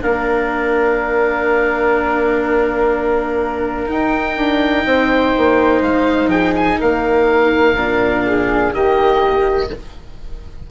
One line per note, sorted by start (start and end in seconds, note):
0.00 3.89 A#3
0.00 3.86 D4
0.00 4.86 A#4
0.00 3.90 F5
3.86 7.73 D#4
3.86 4.36 D#4
3.86 5.83 G5
4.36 4.85 D4
4.85 5.33 C4
4.85 6.30 C5
5.37 5.81 A#3
5.81 6.27 G#3
5.81 6.29 F5
6.27 6.76 F3
6.27 6.78 G#4
6.27 6.54 G5
6.55 6.80 G#5
6.80 7.76 A#3
6.80 8.25 A#4
6.80 8.74 F5
7.76 8.72 A#2
7.76 8.73 D4
8.25 8.73 G#4
8.73 9.69 D#3
8.73 9.70 A#3
8.73 9.71 G4
8.73 9.70 D#5